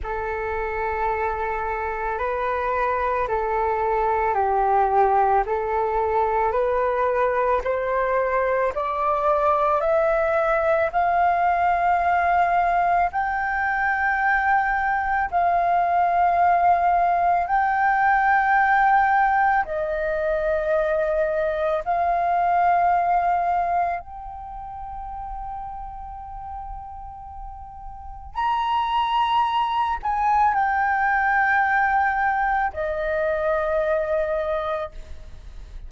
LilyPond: \new Staff \with { instrumentName = "flute" } { \time 4/4 \tempo 4 = 55 a'2 b'4 a'4 | g'4 a'4 b'4 c''4 | d''4 e''4 f''2 | g''2 f''2 |
g''2 dis''2 | f''2 g''2~ | g''2 ais''4. gis''8 | g''2 dis''2 | }